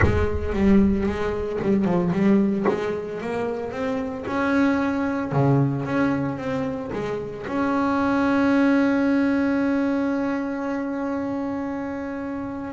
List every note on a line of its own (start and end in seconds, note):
0.02 0.53 G#3
0.53 1.06 G3
1.06 1.59 G#3
1.62 1.84 G3
1.84 2.11 F3
2.12 2.65 G3
2.68 3.21 G#3
3.21 3.71 A#3
3.71 4.25 C4
4.26 5.32 C#4
5.32 5.85 C#3
5.85 6.37 C#4
6.37 6.90 C4
6.93 7.46 G#3
7.47 12.72 C#4